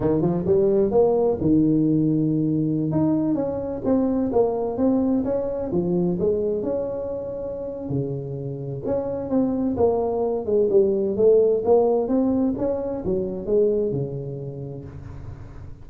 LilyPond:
\new Staff \with { instrumentName = "tuba" } { \time 4/4 \tempo 4 = 129 dis8 f8 g4 ais4 dis4~ | dis2~ dis16 dis'4 cis'8.~ | cis'16 c'4 ais4 c'4 cis'8.~ | cis'16 f4 gis4 cis'4.~ cis'16~ |
cis'4 cis2 cis'4 | c'4 ais4. gis8 g4 | a4 ais4 c'4 cis'4 | fis4 gis4 cis2 | }